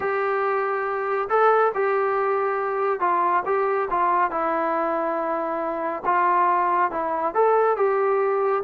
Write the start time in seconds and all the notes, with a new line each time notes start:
0.00 G4
1.29 A4
1.74 G4
3.00 F4
3.45 G4
3.90 F4
4.30 E4
6.05 F4
6.91 E4
7.34 A4
7.77 G4